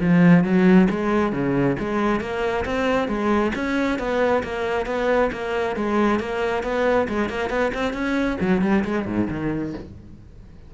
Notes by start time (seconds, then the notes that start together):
0.00 F3
0.44 F#3
0.90 G#3
1.32 C#3
1.79 G#3
2.20 A#3
2.65 C4
3.08 G#3
3.55 C#4
3.98 B3
4.43 A#3
4.86 B3
5.32 A#3
5.76 G#3
6.19 A#3
6.63 B3
7.08 G#3
7.29 A#3
7.49 B3
7.74 C4
7.93 C#4
8.40 F#3
8.62 G3
8.84 G#3
9.05 G#2
9.30 D#3